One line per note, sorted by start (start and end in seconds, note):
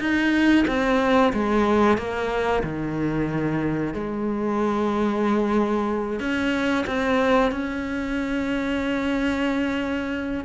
0.00 0.65 D#4
0.68 1.33 C4
1.33 1.98 G#3
1.98 2.63 A#3
2.64 3.94 D#3
3.94 6.20 G#3
6.20 6.85 C#4
6.87 7.51 C4
7.51 10.45 C#4